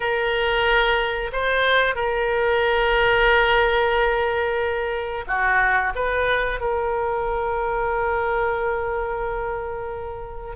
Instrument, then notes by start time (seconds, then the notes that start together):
oboe
0.00 A#4
1.32 C5
1.95 A#4
5.27 F#4
5.95 B4
6.60 A#4